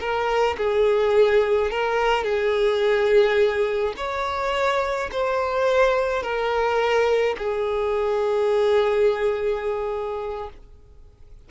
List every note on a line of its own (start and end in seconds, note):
0.00 0.57 A#4
0.58 1.71 G#4
1.71 2.24 A#4
2.24 3.94 G#4
3.97 5.10 C#5
5.12 6.23 C5
6.23 7.36 A#4
7.38 10.50 G#4